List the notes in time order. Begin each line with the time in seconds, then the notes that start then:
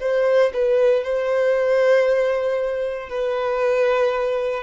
0.00 C5
0.54 B4
1.03 C5
3.09 B4